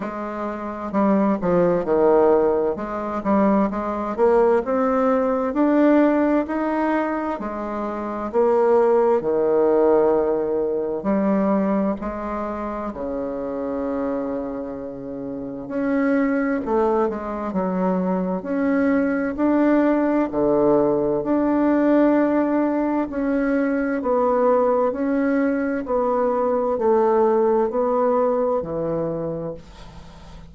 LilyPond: \new Staff \with { instrumentName = "bassoon" } { \time 4/4 \tempo 4 = 65 gis4 g8 f8 dis4 gis8 g8 | gis8 ais8 c'4 d'4 dis'4 | gis4 ais4 dis2 | g4 gis4 cis2~ |
cis4 cis'4 a8 gis8 fis4 | cis'4 d'4 d4 d'4~ | d'4 cis'4 b4 cis'4 | b4 a4 b4 e4 | }